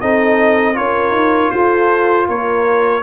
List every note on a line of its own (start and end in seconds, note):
0.00 0.77 C4
0.00 0.74 D#4
0.00 0.77 A4
0.00 0.76 D#5
0.74 1.10 C#4
0.74 3.02 F4
0.74 1.53 A#4
0.74 1.51 C#5
1.10 1.48 D#4
1.51 2.28 F4
1.51 2.27 A4
1.51 2.27 C5
2.27 3.03 A#3
2.27 3.03 A#4
2.27 3.03 C#5